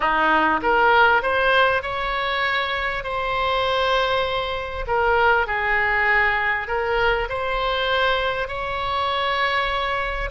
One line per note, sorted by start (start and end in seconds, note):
0.00 0.60 D#4
0.62 1.22 A#4
1.22 1.82 C5
1.82 3.03 C#5
3.03 4.85 C5
4.87 5.47 A#4
5.47 6.67 G#4
6.67 7.28 A#4
7.29 8.48 C5
8.48 10.29 C#5